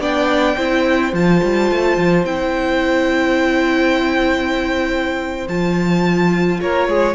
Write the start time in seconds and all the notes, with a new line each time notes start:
0.00 B3 D4 D5 G5
0.57 C4 E4 C5
1.13 F3 F4 A5
1.43 G3
1.72 A3
1.97 F3
2.25 C4 E4 G5
5.48 F3 F4 A5
6.61 A#3 A#4 C#5
6.87 G#3 G#4